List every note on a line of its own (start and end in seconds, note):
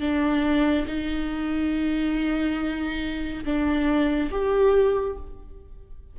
0.00 0.86 D4
0.87 3.44 D#4
3.45 4.31 D4
4.31 5.17 G4